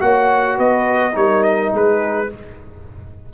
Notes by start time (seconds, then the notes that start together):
0.00 A#3 F#4 C#5 F#5
0.58 B3 B4 D#5
1.12 G3 D#4 A#4 C#5
1.43 D#5
1.73 G#3 G#4 B4